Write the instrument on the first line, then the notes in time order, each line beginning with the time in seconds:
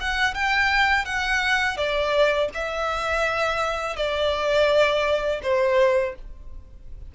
violin
0.00 F#5
0.34 G5
1.04 F#5
1.77 D5
2.54 E5
3.96 D5
5.42 C5